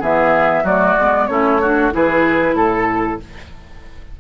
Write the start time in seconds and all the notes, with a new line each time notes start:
0.00 E3 B3 G#4 E5
0.64 F#3 A3 F#4 D5
0.99 G#3 B3
1.27 A3 C#4 E4 C#5
1.62 D4 F#4
1.92 E3 E4 G#4 B4
2.54 A2 A4